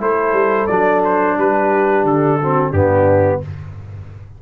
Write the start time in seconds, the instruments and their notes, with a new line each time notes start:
0.00 tuba A3, trombone E4, horn A4, trumpet C5
0.33 tuba G3
0.67 tuba F#3, trombone D4, trumpet D5
1.04 trumpet C5
1.37 tuba G3, horn G4, trumpet B4
2.04 tuba D3, trumpet A4
2.41 trombone C4, horn F#4
2.71 tuba G2, trombone B3, horn D4, trumpet G4